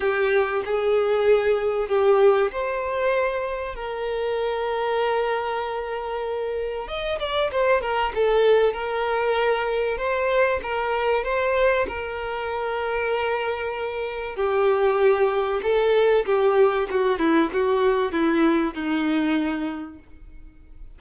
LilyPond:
\new Staff \with { instrumentName = "violin" } { \time 4/4 \tempo 4 = 96 g'4 gis'2 g'4 | c''2 ais'2~ | ais'2. dis''8 d''8 | c''8 ais'8 a'4 ais'2 |
c''4 ais'4 c''4 ais'4~ | ais'2. g'4~ | g'4 a'4 g'4 fis'8 e'8 | fis'4 e'4 dis'2 | }